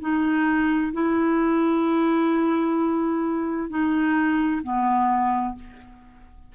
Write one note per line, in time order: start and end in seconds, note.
0.00 0.92 D#4
0.92 3.69 E4
3.69 4.62 D#4
4.62 5.55 B3